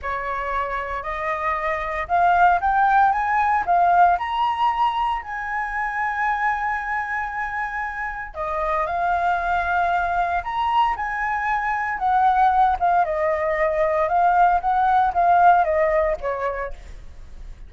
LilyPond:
\new Staff \with { instrumentName = "flute" } { \time 4/4 \tempo 4 = 115 cis''2 dis''2 | f''4 g''4 gis''4 f''4 | ais''2 gis''2~ | gis''1 |
dis''4 f''2. | ais''4 gis''2 fis''4~ | fis''8 f''8 dis''2 f''4 | fis''4 f''4 dis''4 cis''4 | }